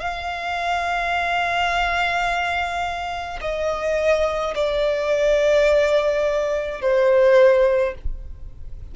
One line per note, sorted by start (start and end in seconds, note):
0.00 3.40 F5
3.42 4.55 D#5
4.55 6.82 D5
6.82 7.95 C5